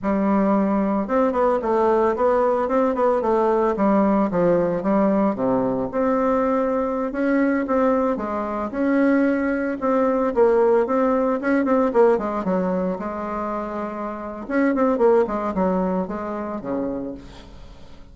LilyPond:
\new Staff \with { instrumentName = "bassoon" } { \time 4/4 \tempo 4 = 112 g2 c'8 b8 a4 | b4 c'8 b8 a4 g4 | f4 g4 c4 c'4~ | c'4~ c'16 cis'4 c'4 gis8.~ |
gis16 cis'2 c'4 ais8.~ | ais16 c'4 cis'8 c'8 ais8 gis8 fis8.~ | fis16 gis2~ gis8. cis'8 c'8 | ais8 gis8 fis4 gis4 cis4 | }